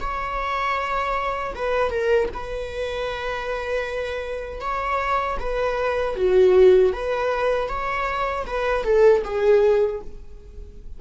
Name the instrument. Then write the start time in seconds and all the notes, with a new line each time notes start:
viola
0.00 C#5
1.55 B4
1.91 A#4
2.34 B4
4.60 C#5
5.40 B4
6.16 F#4
6.93 B4
7.69 C#5
8.46 B4
8.84 A4
9.24 G#4